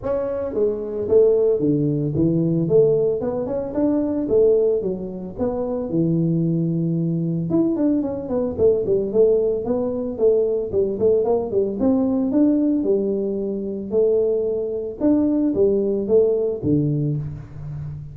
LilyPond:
\new Staff \with { instrumentName = "tuba" } { \time 4/4 \tempo 4 = 112 cis'4 gis4 a4 d4 | e4 a4 b8 cis'8 d'4 | a4 fis4 b4 e4~ | e2 e'8 d'8 cis'8 b8 |
a8 g8 a4 b4 a4 | g8 a8 ais8 g8 c'4 d'4 | g2 a2 | d'4 g4 a4 d4 | }